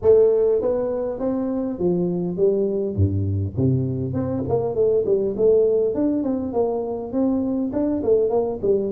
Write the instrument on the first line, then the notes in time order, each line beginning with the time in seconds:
tuba
0.02 A3
0.61 B3
1.19 C4
1.78 F3
2.36 G3
2.95 G2
3.56 C3
4.13 C4
4.48 A#3
4.74 A3
5.05 G3
5.37 A3
5.94 D4
6.23 C4
6.52 A#3
7.12 C4
7.72 D4
8.03 A3
8.29 A#3
8.62 G3